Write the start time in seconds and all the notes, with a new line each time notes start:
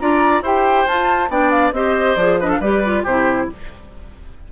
0.00 D4 F4 D5 A#5
0.42 E4 G4 C5 G5
0.87 F4 A5
1.29 B3 D4 D5 G5
1.51 F5
1.73 C4 G4 C5 D#5
2.16 F3 G#4 D5
2.40 D4 B4 D#5
2.48 A4 F5
2.60 G3 G4 B4 D5
2.85 F4
3.04 C3 E4 G4 C5